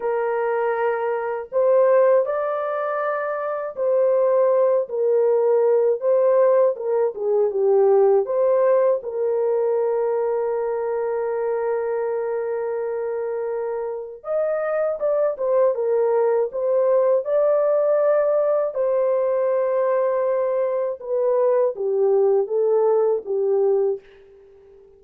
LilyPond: \new Staff \with { instrumentName = "horn" } { \time 4/4 \tempo 4 = 80 ais'2 c''4 d''4~ | d''4 c''4. ais'4. | c''4 ais'8 gis'8 g'4 c''4 | ais'1~ |
ais'2. dis''4 | d''8 c''8 ais'4 c''4 d''4~ | d''4 c''2. | b'4 g'4 a'4 g'4 | }